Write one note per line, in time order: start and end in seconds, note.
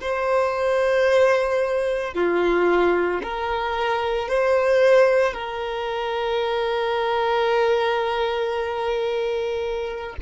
0.00 2.14 C5
2.14 3.21 F4
3.23 4.29 A#4
4.29 5.33 C5
5.33 10.15 A#4